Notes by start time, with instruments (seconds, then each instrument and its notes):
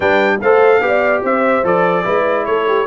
0.00 tuba G3, trombone D4, horn B4, trumpet G5
0.41 tuba A3, trombone A4, horn C5, trumpet F5
0.80 tuba B3, trombone G4, horn D5
1.23 tuba C4, horn C5, trumpet E5
1.63 tuba F3, trombone A4, trumpet D5
2.04 tuba G#3, trombone E4, horn B4
2.45 tuba A3, horn A4, trumpet C#5
2.67 horn G4